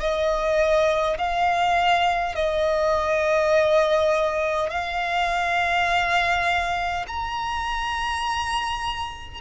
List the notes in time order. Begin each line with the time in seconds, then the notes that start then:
0.00 D#5
1.18 F5
2.35 D#5
4.71 F5
7.07 A#5